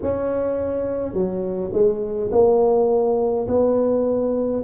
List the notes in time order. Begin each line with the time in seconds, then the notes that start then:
0.02 C#4
1.13 F#3
1.73 G#3
2.31 A#3
3.47 B3